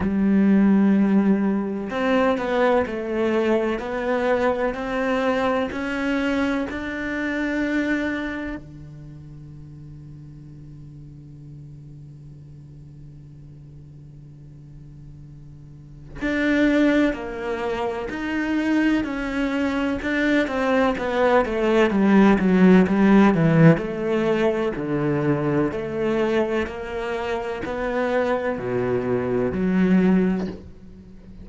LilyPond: \new Staff \with { instrumentName = "cello" } { \time 4/4 \tempo 4 = 63 g2 c'8 b8 a4 | b4 c'4 cis'4 d'4~ | d'4 d2.~ | d1~ |
d4 d'4 ais4 dis'4 | cis'4 d'8 c'8 b8 a8 g8 fis8 | g8 e8 a4 d4 a4 | ais4 b4 b,4 fis4 | }